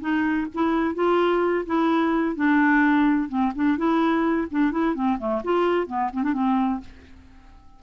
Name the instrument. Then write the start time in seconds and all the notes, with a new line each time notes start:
clarinet
0.00 D#4
0.54 E4
0.95 F4
1.66 E4
2.35 D4
3.28 C4
3.55 D4
3.77 E4
4.51 D4
4.71 E4
4.94 C4
5.18 A3
5.44 F4
5.87 B3
6.13 C4
6.23 D4
6.33 C4